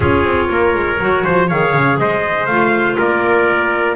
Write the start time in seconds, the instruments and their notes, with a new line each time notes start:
0.00 double bass C#4, clarinet F4, trumpet G#4 C#5
0.23 double bass C4
0.49 double bass A#3, trumpet A#4
0.74 double bass G#3
0.99 double bass F#3, clarinet F#4
1.24 double bass F3, trumpet C5
1.48 double bass D#3, clarinet G#4, trumpet C#5 F5
1.73 double bass C#3
1.98 double bass G#3, trumpet C5 D#5
2.46 double bass A3, clarinet F4, trumpet F5
2.97 double bass A#3, trumpet A#4 D5